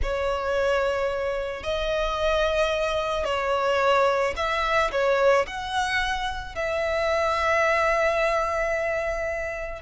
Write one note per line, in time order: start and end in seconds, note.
0.02 1.63 C#5
1.63 3.25 D#5
3.25 4.34 C#5
4.36 4.90 E5
4.91 5.45 C#5
5.46 6.55 F#5
6.55 9.82 E5